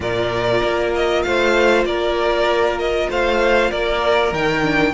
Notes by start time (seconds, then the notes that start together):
0.00 A#2 F4 A#4 D5
0.62 A#3
0.95 D#5
1.22 A3 C5 F5
1.84 A#3 A#4 D5
2.78 D#5
3.09 A3 C5 F5
3.70 A#3 A#4 D5
4.31 D#3 D#4 G5
4.63 D4